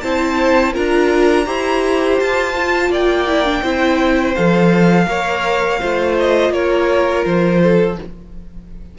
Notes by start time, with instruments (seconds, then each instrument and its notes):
0.00 cello C4, viola E4, violin C5 A5
0.73 cello D4, viola F4, violin A#4 A#5
1.44 cello E4, viola G4, violin C5
2.19 cello F4, violin A5
2.57 viola F4
2.89 cello A#3, violin D5 G5
3.27 viola E4
3.45 viola D4
3.62 cello C4, viola E4, violin C5
4.35 cello F3, viola A4, violin F5
5.06 cello A#3, viola A#4, violin C#5
5.78 cello A3, viola F4, violin C5
6.19 violin D#5
6.49 cello A#3, violin A#4 C#5
7.25 cello F3, violin C5
7.62 violin A4